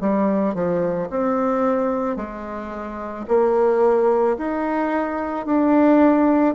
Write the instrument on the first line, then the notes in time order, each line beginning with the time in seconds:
bassoon
0.00 G3
0.54 F3
1.10 C4
2.16 G#3
3.28 A#3
4.37 D#4
5.46 D4